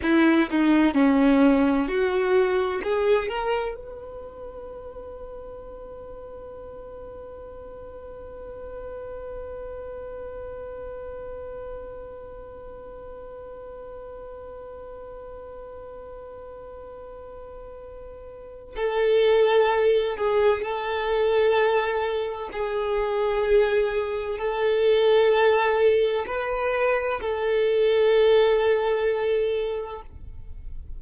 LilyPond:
\new Staff \with { instrumentName = "violin" } { \time 4/4 \tempo 4 = 64 e'8 dis'8 cis'4 fis'4 gis'8 ais'8 | b'1~ | b'1~ | b'1~ |
b'1 | a'4. gis'8 a'2 | gis'2 a'2 | b'4 a'2. | }